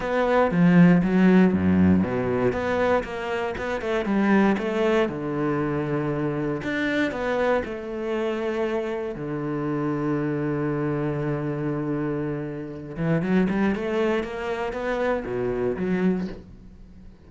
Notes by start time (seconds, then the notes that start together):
0.00 B3
0.51 F3
1.03 F#3
1.53 F#2
2.03 B2
2.52 B3
3.03 A#3
3.57 B3
3.81 A3
4.05 G3
4.58 A3
5.08 D3
6.63 D4
7.11 B3
7.65 A3
9.15 D3
12.96 E3
13.22 F#3
13.49 G3
13.75 A3
14.23 A#3
14.72 B3
15.25 B2
15.76 F#3